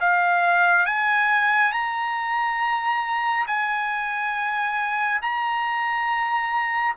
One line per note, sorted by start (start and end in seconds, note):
0.00 0.86 F5
0.86 1.72 G#5
1.72 3.46 A#5
3.47 5.21 G#5
5.21 6.95 A#5